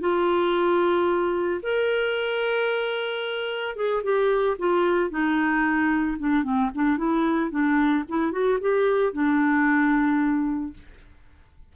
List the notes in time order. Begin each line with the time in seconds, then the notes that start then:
0.00 F4
1.62 A#4
3.75 G#4
4.03 G4
4.59 F4
5.10 D#4
6.18 D4
6.43 C4
6.74 D4
6.97 E4
7.50 D4
8.08 E4
8.32 F#4
8.60 G4
9.13 D4